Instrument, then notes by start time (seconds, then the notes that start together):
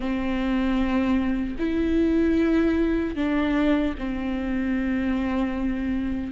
viola
0.00 C4
1.59 E4
3.15 D4
3.98 C4